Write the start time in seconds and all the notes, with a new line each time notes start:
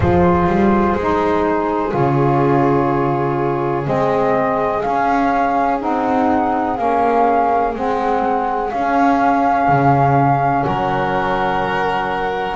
0.00 F3 F4 G#4 C5
0.47 G3
0.95 G#3 D#4
1.89 C#3 F4 C#5
3.84 G#3 C4 D#5
4.81 C#4 F5
5.79 C4 D#4 F#5
6.76 A#3 C#4 F5
7.73 G#3 C4 F#5
8.71 C#4 F5
9.68 C#3
10.63 F#3 A#4 F#5